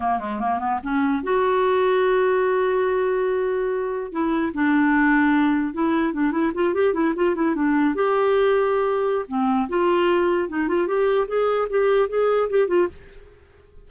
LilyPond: \new Staff \with { instrumentName = "clarinet" } { \time 4/4 \tempo 4 = 149 ais8 gis8 ais8 b8 cis'4 fis'4~ | fis'1~ | fis'2~ fis'16 e'4 d'8.~ | d'2~ d'16 e'4 d'8 e'16~ |
e'16 f'8 g'8 e'8 f'8 e'8 d'4 g'16~ | g'2. c'4 | f'2 dis'8 f'8 g'4 | gis'4 g'4 gis'4 g'8 f'8 | }